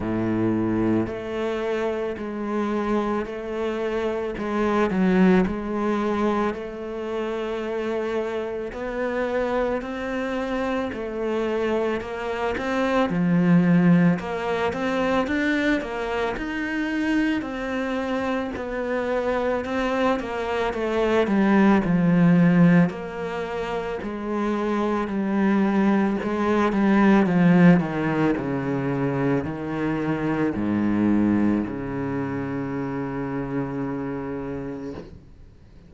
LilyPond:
\new Staff \with { instrumentName = "cello" } { \time 4/4 \tempo 4 = 55 a,4 a4 gis4 a4 | gis8 fis8 gis4 a2 | b4 c'4 a4 ais8 c'8 | f4 ais8 c'8 d'8 ais8 dis'4 |
c'4 b4 c'8 ais8 a8 g8 | f4 ais4 gis4 g4 | gis8 g8 f8 dis8 cis4 dis4 | gis,4 cis2. | }